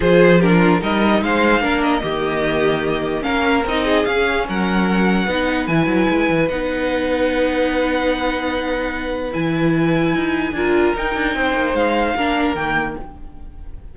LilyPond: <<
  \new Staff \with { instrumentName = "violin" } { \time 4/4 \tempo 4 = 148 c''4 ais'4 dis''4 f''4~ | f''8 dis''2.~ dis''8 | f''4 dis''4 f''4 fis''4~ | fis''2 gis''2 |
fis''1~ | fis''2. gis''4~ | gis''2. g''4~ | g''4 f''2 g''4 | }
  \new Staff \with { instrumentName = "violin" } { \time 4/4 gis'4 g'16 f'8. ais'4 c''4 | ais'4 g'2. | ais'4. gis'4. ais'4~ | ais'4 b'2.~ |
b'1~ | b'1~ | b'2 ais'2 | c''2 ais'2 | }
  \new Staff \with { instrumentName = "viola" } { \time 4/4 f'4 d'4 dis'2 | d'4 ais2. | cis'4 dis'4 cis'2~ | cis'4 dis'4 e'2 |
dis'1~ | dis'2. e'4~ | e'2 f'4 dis'4~ | dis'2 d'4 ais4 | }
  \new Staff \with { instrumentName = "cello" } { \time 4/4 f2 g4 gis4 | ais4 dis2. | ais4 c'4 cis'4 fis4~ | fis4 b4 e8 fis8 gis8 e8 |
b1~ | b2. e4~ | e4 dis'4 d'4 dis'8 d'8 | c'8 ais8 gis4 ais4 dis4 | }
>>